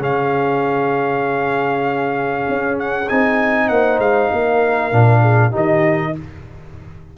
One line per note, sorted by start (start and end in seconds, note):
0.00 2.45 C#3
0.00 3.06 C#4
0.00 3.67 G#4
0.00 2.79 F5
2.49 3.10 C#4
2.79 3.09 F#5
3.09 3.70 C4
3.09 4.92 D#4
3.09 3.69 G#5
3.69 3.99 A#3
3.69 4.32 C5
3.69 3.99 F#5
3.99 4.30 G#3
3.99 5.54 F5
4.32 4.93 A#3
4.32 5.22 A#4
4.92 5.54 A#2
4.92 5.52 D4
5.22 5.51 G#4
5.51 6.17 D#3
5.51 6.13 D#4
5.51 6.12 G4
5.51 6.18 D#5